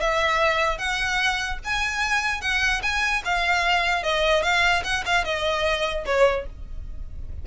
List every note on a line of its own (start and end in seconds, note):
0.00 0.78 E5
0.78 1.58 F#5
1.64 2.41 G#5
2.41 2.81 F#5
2.82 3.22 G#5
3.25 4.03 F5
4.03 4.42 D#5
4.42 4.83 F5
4.84 5.04 F#5
5.05 5.24 F5
5.24 6.04 D#5
6.05 6.46 C#5